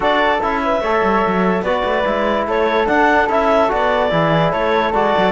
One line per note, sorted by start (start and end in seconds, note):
0.00 0.39 D4
0.00 0.39 F#4
0.00 0.61 A4
0.00 0.42 D5
0.42 0.80 C#4
0.42 0.83 E4
0.42 1.63 E5
0.63 0.81 B4
0.80 1.01 A3
0.80 1.64 A4
0.80 1.63 C#5
1.03 1.24 G3
1.26 1.61 F#3
1.61 1.82 B3
1.61 2.05 F#4
1.61 2.47 B4
1.61 2.45 D5
1.84 2.04 A3
2.05 2.47 G#3
2.05 2.85 E4
2.47 2.88 A3
2.47 4.10 A4
2.47 2.87 C#5
2.85 3.27 D4
2.85 3.29 D4
2.85 3.28 F#5
3.28 3.70 C#4
3.28 3.68 E4
3.28 3.71 E5
3.68 4.11 B3
3.68 4.09 F#4
3.68 4.51 D5
4.10 4.52 E3
4.10 4.92 E4
4.10 4.51 G#4
4.51 4.93 A3
4.51 5.32 A4
4.51 4.93 C#5
4.93 5.14 G#3
4.93 5.32 F#4
4.93 5.32 D5
5.17 5.32 F#3